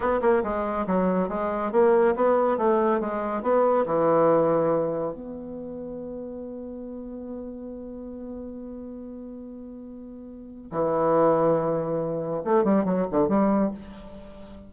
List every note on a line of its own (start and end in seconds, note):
0.00 0.20 B3
0.21 0.43 A#3
0.43 0.86 G#3
0.86 1.29 F#3
1.29 1.71 G#3
1.71 2.14 A#3
2.15 2.57 B3
2.57 3.00 A3
3.00 3.42 G#3
3.42 3.85 B3
3.86 5.13 E3
5.13 10.70 B3
10.71 12.43 E3
12.44 12.64 A3
12.64 12.84 G3
12.84 13.06 F#3
13.11 13.28 D3
13.28 13.71 G3